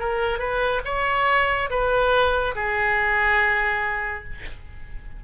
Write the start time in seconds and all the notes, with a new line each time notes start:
0.00 A#4
0.39 B4
0.85 C#5
1.71 B4
2.55 G#4